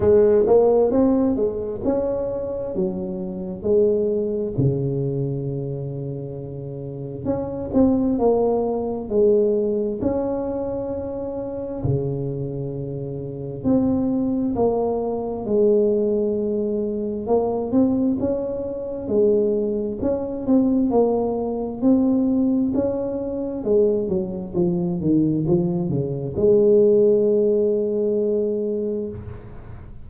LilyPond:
\new Staff \with { instrumentName = "tuba" } { \time 4/4 \tempo 4 = 66 gis8 ais8 c'8 gis8 cis'4 fis4 | gis4 cis2. | cis'8 c'8 ais4 gis4 cis'4~ | cis'4 cis2 c'4 |
ais4 gis2 ais8 c'8 | cis'4 gis4 cis'8 c'8 ais4 | c'4 cis'4 gis8 fis8 f8 dis8 | f8 cis8 gis2. | }